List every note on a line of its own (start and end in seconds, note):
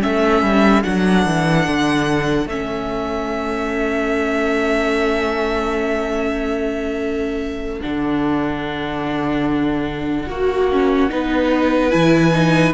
0.00 0.42 A3
0.00 0.82 C#4
0.00 10.28 A4
0.00 0.83 E5
0.42 0.83 G3
0.83 1.26 F#3
0.83 2.47 D4
0.83 2.47 F#5
1.26 1.67 E3
1.67 2.46 D3
2.46 7.80 A3
2.46 7.81 C#4
2.46 7.81 E5
7.81 10.28 D3
7.81 10.27 D4
7.81 11.90 F#5
10.27 11.10 A#3
10.27 10.68 F#4
10.27 11.11 F#4
10.72 11.09 C#4
11.09 11.93 B3
11.09 11.90 D#4
11.09 12.73 B4
11.90 12.73 E3
11.90 12.31 E4
11.90 12.73 G#5
12.33 12.73 D#4